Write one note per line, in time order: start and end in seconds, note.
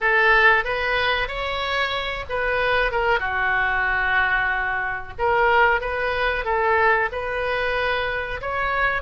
0.01 0.64 A4
0.64 1.28 B4
1.28 2.24 C#5
2.29 2.91 B4
2.91 3.19 A#4
3.19 5.13 F#4
5.18 5.81 A#4
5.81 6.44 B4
6.44 7.09 A4
7.11 8.40 B4
8.41 9.01 C#5